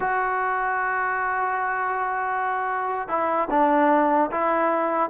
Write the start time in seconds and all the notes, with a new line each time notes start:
0.00 F#4
3.08 E4
3.50 D4
4.31 E4